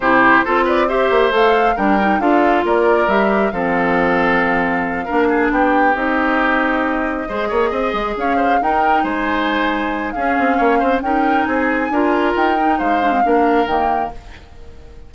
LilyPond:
<<
  \new Staff \with { instrumentName = "flute" } { \time 4/4 \tempo 4 = 136 c''4. d''8 e''4 f''4 | g''4 f''4 d''4 e''4 | f''1~ | f''8 g''4 dis''2~ dis''8~ |
dis''2~ dis''8 f''4 g''8~ | g''8 gis''2~ gis''8 f''4~ | f''4 g''4 gis''2 | g''4 f''2 g''4 | }
  \new Staff \with { instrumentName = "oboe" } { \time 4/4 g'4 a'8 b'8 c''2 | ais'4 a'4 ais'2 | a'2.~ a'8 ais'8 | gis'8 g'2.~ g'8~ |
g'8 c''8 cis''8 dis''4 cis''8 c''8 ais'8~ | ais'8 c''2~ c''8 gis'4 | cis''8 c''8 ais'4 gis'4 ais'4~ | ais'4 c''4 ais'2 | }
  \new Staff \with { instrumentName = "clarinet" } { \time 4/4 e'4 f'4 g'4 a'4 | d'8 dis'8 f'2 g'4 | c'2.~ c'8 d'8~ | d'4. dis'2~ dis'8~ |
dis'8 gis'2. dis'8~ | dis'2. cis'4~ | cis'4 dis'2 f'4~ | f'8 dis'4 d'16 c'16 d'4 ais4 | }
  \new Staff \with { instrumentName = "bassoon" } { \time 4/4 c4 c'4. ais8 a4 | g4 d'4 ais4 g4 | f2.~ f8 ais8~ | ais8 b4 c'2~ c'8~ |
c'8 gis8 ais8 c'8 gis8 cis'4 dis'8~ | dis'8 gis2~ gis8 cis'8 c'8 | ais8 c'8 cis'4 c'4 d'4 | dis'4 gis4 ais4 dis4 | }
>>